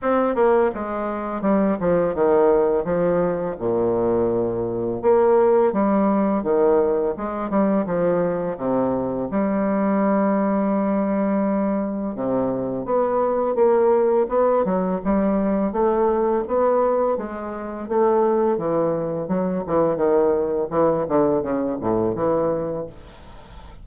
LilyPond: \new Staff \with { instrumentName = "bassoon" } { \time 4/4 \tempo 4 = 84 c'8 ais8 gis4 g8 f8 dis4 | f4 ais,2 ais4 | g4 dis4 gis8 g8 f4 | c4 g2.~ |
g4 c4 b4 ais4 | b8 fis8 g4 a4 b4 | gis4 a4 e4 fis8 e8 | dis4 e8 d8 cis8 a,8 e4 | }